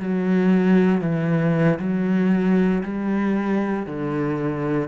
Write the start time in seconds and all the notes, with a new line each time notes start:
0.00 F#3
1.02 E3
1.80 F#3
2.84 G3
3.87 D3